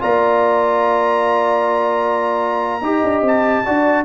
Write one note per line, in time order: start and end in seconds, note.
0.00 2.82 A#3
0.00 2.82 F4
0.00 2.84 D5
0.00 3.24 A#5
2.82 3.02 D#4
2.82 3.64 G4
2.82 3.66 D#5
3.04 3.22 D4
3.22 3.62 C4
3.22 4.05 A5
3.66 4.05 D4
3.66 4.05 F#4
3.66 4.05 D5